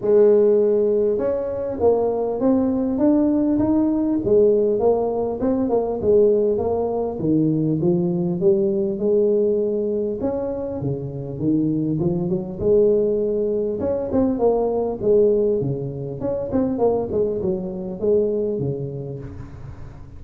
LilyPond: \new Staff \with { instrumentName = "tuba" } { \time 4/4 \tempo 4 = 100 gis2 cis'4 ais4 | c'4 d'4 dis'4 gis4 | ais4 c'8 ais8 gis4 ais4 | dis4 f4 g4 gis4~ |
gis4 cis'4 cis4 dis4 | f8 fis8 gis2 cis'8 c'8 | ais4 gis4 cis4 cis'8 c'8 | ais8 gis8 fis4 gis4 cis4 | }